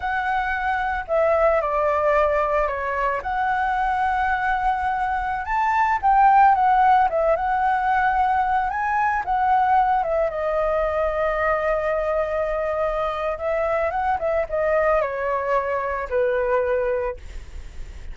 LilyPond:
\new Staff \with { instrumentName = "flute" } { \time 4/4 \tempo 4 = 112 fis''2 e''4 d''4~ | d''4 cis''4 fis''2~ | fis''2~ fis''16 a''4 g''8.~ | g''16 fis''4 e''8 fis''2~ fis''16~ |
fis''16 gis''4 fis''4. e''8 dis''8.~ | dis''1~ | dis''4 e''4 fis''8 e''8 dis''4 | cis''2 b'2 | }